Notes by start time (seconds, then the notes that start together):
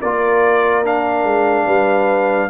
0.00 A#3 F4 A#4 D5
0.84 D4 F5
1.24 G#3
1.66 G3 B4